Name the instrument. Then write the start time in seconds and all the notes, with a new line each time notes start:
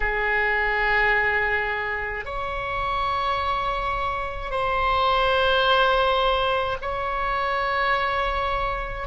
oboe
0.00 G#4
2.25 C#5
4.50 C5
6.81 C#5